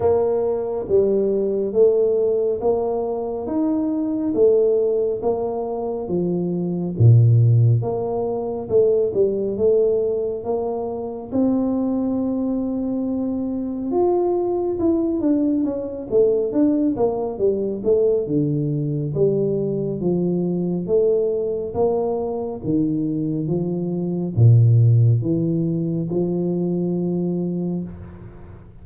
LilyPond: \new Staff \with { instrumentName = "tuba" } { \time 4/4 \tempo 4 = 69 ais4 g4 a4 ais4 | dis'4 a4 ais4 f4 | ais,4 ais4 a8 g8 a4 | ais4 c'2. |
f'4 e'8 d'8 cis'8 a8 d'8 ais8 | g8 a8 d4 g4 f4 | a4 ais4 dis4 f4 | ais,4 e4 f2 | }